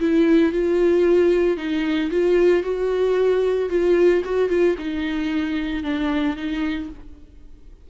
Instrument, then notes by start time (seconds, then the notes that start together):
viola
0.00 E4
0.53 F4
1.57 D#4
2.11 F4
2.63 F#4
3.70 F4
4.25 F#4
4.50 F4
4.79 D#4
5.84 D4
6.37 D#4